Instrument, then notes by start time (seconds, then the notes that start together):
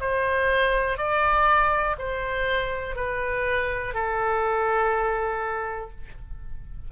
oboe
0.00 C5
0.97 D5
1.98 C5
2.95 B4
3.93 A4